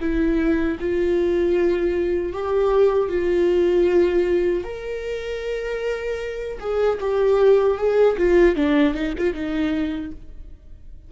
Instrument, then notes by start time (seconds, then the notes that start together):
viola
0.00 E4
0.80 F4
2.33 G4
3.09 F4
4.64 A#4
6.60 G#4
7.01 G4
7.77 G#4
8.17 F4
8.56 D4
8.94 D#4
9.18 F4
9.34 D#4